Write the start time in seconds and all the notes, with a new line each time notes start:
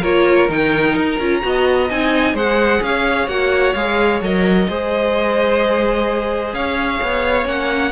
0.00 A#3 F4 A#4 C#5
0.49 D#3 D#4 G5
0.96 D#4 A#5
1.20 C#4 F4
1.42 B3 F#4 D#5
1.90 C4 D#4 G#5
2.34 G#3 G#4 C5 F#5
2.82 C#4 C#5 F5
3.28 A#3 F#4 F#5
3.74 G#3 G#4 F5
4.22 F#3 A#4 D#5
4.69 G#3 G#4 C5
6.54 C#4 C#5 F5
7.03 B3
7.45 A#3 C#4 F#5